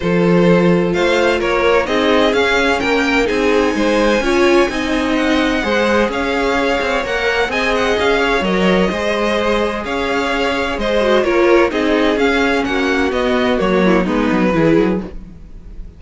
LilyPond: <<
  \new Staff \with { instrumentName = "violin" } { \time 4/4 \tempo 4 = 128 c''2 f''4 cis''4 | dis''4 f''4 g''4 gis''4~ | gis''2. fis''4~ | fis''4 f''2 fis''4 |
gis''8 fis''8 f''4 dis''2~ | dis''4 f''2 dis''4 | cis''4 dis''4 f''4 fis''4 | dis''4 cis''4 b'2 | }
  \new Staff \with { instrumentName = "violin" } { \time 4/4 a'2 c''4 ais'4 | gis'2 ais'4 gis'4 | c''4 cis''4 dis''2 | c''4 cis''2. |
dis''4. cis''4. c''4~ | c''4 cis''2 c''4 | ais'4 gis'2 fis'4~ | fis'4. e'8 dis'4 gis'4 | }
  \new Staff \with { instrumentName = "viola" } { \time 4/4 f'1 | dis'4 cis'2 dis'4~ | dis'4 f'4 dis'2 | gis'2. ais'4 |
gis'2 ais'4 gis'4~ | gis'2.~ gis'8 fis'8 | f'4 dis'4 cis'2 | b4 ais4 b4 e'4 | }
  \new Staff \with { instrumentName = "cello" } { \time 4/4 f2 a4 ais4 | c'4 cis'4 ais4 c'4 | gis4 cis'4 c'2 | gis4 cis'4. c'8 ais4 |
c'4 cis'4 fis4 gis4~ | gis4 cis'2 gis4 | ais4 c'4 cis'4 ais4 | b4 fis4 gis8 fis8 e8 fis8 | }
>>